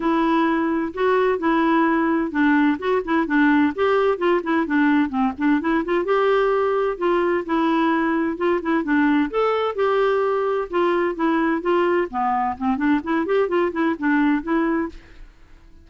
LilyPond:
\new Staff \with { instrumentName = "clarinet" } { \time 4/4 \tempo 4 = 129 e'2 fis'4 e'4~ | e'4 d'4 fis'8 e'8 d'4 | g'4 f'8 e'8 d'4 c'8 d'8 | e'8 f'8 g'2 f'4 |
e'2 f'8 e'8 d'4 | a'4 g'2 f'4 | e'4 f'4 b4 c'8 d'8 | e'8 g'8 f'8 e'8 d'4 e'4 | }